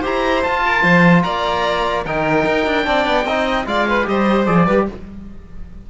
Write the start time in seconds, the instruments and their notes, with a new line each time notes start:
0.00 cello E4, trombone G4, violin C5, oboe A#5
0.43 trombone F4, cello F4, oboe A5
0.66 violin A#4
0.82 cello F3, violin C5
1.23 cello A#3, violin D5, oboe A#5
2.05 cello D#3, trombone D#4, violin A#4, oboe G5
2.46 cello D#4
2.66 cello D4
2.84 cello C4, trombone D4, violin D5
3.06 cello B3
3.25 cello C4, trombone D#4, violin D#5
3.66 cello G#3, trombone F4, violin D5, oboe F5
3.88 violin B4
4.03 cello G3, trombone G4, violin C5, oboe D#5
4.45 cello F3, trombone G#4, oboe D5
4.66 cello G3, trombone G4, violin B4